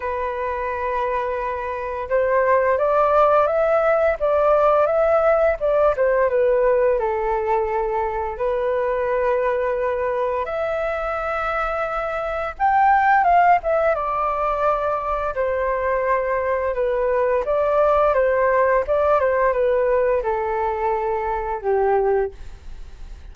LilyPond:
\new Staff \with { instrumentName = "flute" } { \time 4/4 \tempo 4 = 86 b'2. c''4 | d''4 e''4 d''4 e''4 | d''8 c''8 b'4 a'2 | b'2. e''4~ |
e''2 g''4 f''8 e''8 | d''2 c''2 | b'4 d''4 c''4 d''8 c''8 | b'4 a'2 g'4 | }